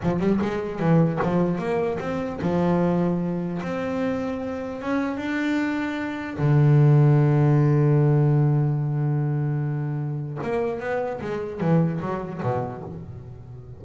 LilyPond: \new Staff \with { instrumentName = "double bass" } { \time 4/4 \tempo 4 = 150 f8 g8 gis4 e4 f4 | ais4 c'4 f2~ | f4 c'2. | cis'4 d'2. |
d1~ | d1~ | d2 ais4 b4 | gis4 e4 fis4 b,4 | }